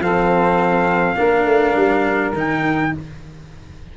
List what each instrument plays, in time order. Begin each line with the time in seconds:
0.00 tuba F3, cello C4, saxophone A4, trumpet F5
1.17 tuba A#3, cello D4, saxophone A#4
1.46 tuba A3
1.76 tuba G3
2.33 tuba D#3, cello D#4
2.39 trumpet G5